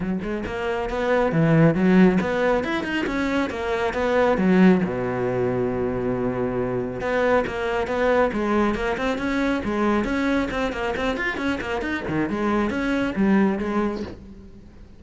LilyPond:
\new Staff \with { instrumentName = "cello" } { \time 4/4 \tempo 4 = 137 fis8 gis8 ais4 b4 e4 | fis4 b4 e'8 dis'8 cis'4 | ais4 b4 fis4 b,4~ | b,1 |
b4 ais4 b4 gis4 | ais8 c'8 cis'4 gis4 cis'4 | c'8 ais8 c'8 f'8 cis'8 ais8 dis'8 dis8 | gis4 cis'4 g4 gis4 | }